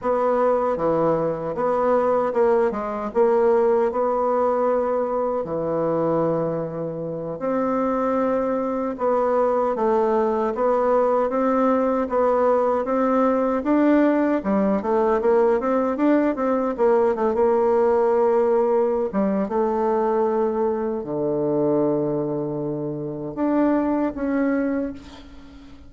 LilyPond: \new Staff \with { instrumentName = "bassoon" } { \time 4/4 \tempo 4 = 77 b4 e4 b4 ais8 gis8 | ais4 b2 e4~ | e4. c'2 b8~ | b8 a4 b4 c'4 b8~ |
b8 c'4 d'4 g8 a8 ais8 | c'8 d'8 c'8 ais8 a16 ais4.~ ais16~ | ais8 g8 a2 d4~ | d2 d'4 cis'4 | }